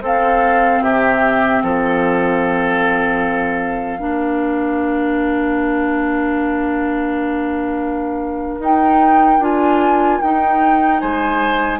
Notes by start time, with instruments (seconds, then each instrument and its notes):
0.00 bassoon C4, clarinet C4, oboe A4, flute F5
0.81 bassoon C3, oboe G4, flute E5
1.62 bassoon F3, oboe A4, flute F5
3.99 bassoon A#3, clarinet D4, oboe A#4
8.59 bassoon D#4, clarinet D#4, flute G5
9.39 bassoon D4, clarinet F4, flute G#5
10.21 bassoon D#4, clarinet D#4, flute G5
11.00 bassoon G#3, oboe C5, flute G#5